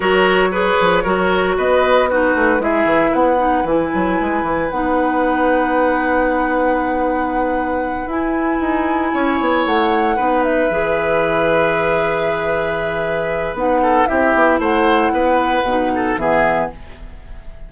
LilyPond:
<<
  \new Staff \with { instrumentName = "flute" } { \time 4/4 \tempo 4 = 115 cis''2. dis''4 | b'4 e''4 fis''4 gis''4~ | gis''4 fis''2.~ | fis''2.~ fis''8 gis''8~ |
gis''2~ gis''8 fis''4. | e''1~ | e''2 fis''4 e''4 | fis''2. e''4 | }
  \new Staff \with { instrumentName = "oboe" } { \time 4/4 ais'4 b'4 ais'4 b'4 | fis'4 gis'4 b'2~ | b'1~ | b'1~ |
b'4. cis''2 b'8~ | b'1~ | b'2~ b'8 a'8 g'4 | c''4 b'4. a'8 gis'4 | }
  \new Staff \with { instrumentName = "clarinet" } { \time 4/4 fis'4 gis'4 fis'2 | dis'4 e'4. dis'8 e'4~ | e'4 dis'2.~ | dis'2.~ dis'8 e'8~ |
e'2.~ e'8 dis'8~ | dis'8 gis'2.~ gis'8~ | gis'2 dis'4 e'4~ | e'2 dis'4 b4 | }
  \new Staff \with { instrumentName = "bassoon" } { \time 4/4 fis4. f8 fis4 b4~ | b8 a8 gis8 e8 b4 e8 fis8 | gis8 e8 b2.~ | b2.~ b8 e'8~ |
e'8 dis'4 cis'8 b8 a4 b8~ | b8 e2.~ e8~ | e2 b4 c'8 b8 | a4 b4 b,4 e4 | }
>>